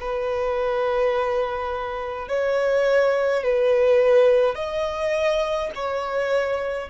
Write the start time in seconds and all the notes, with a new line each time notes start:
0.00 B4
2.28 C#5
3.43 B4
4.55 D#5
5.75 C#5